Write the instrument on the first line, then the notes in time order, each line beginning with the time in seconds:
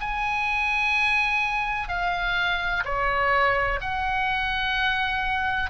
oboe
0.00 G#5
1.88 F5
2.84 C#5
3.81 F#5